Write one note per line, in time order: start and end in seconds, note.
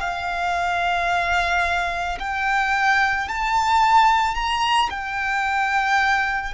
0.00 2.18 F5
2.19 3.28 G5
3.28 4.35 A5
4.35 4.89 A#5
4.90 6.54 G5